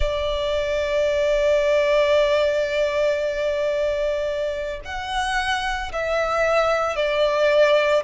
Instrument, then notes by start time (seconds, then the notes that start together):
violin
0.00 D5
4.85 F#5
5.92 E5
6.96 D5